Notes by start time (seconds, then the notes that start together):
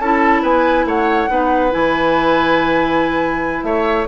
0.00 C#4 E4 A4 A5
0.43 B3 B4 G#5
0.86 A3 C#5 F#5
1.29 B3 D#4 B4
1.71 E3 E4 G#5
3.63 A3 C#5 E5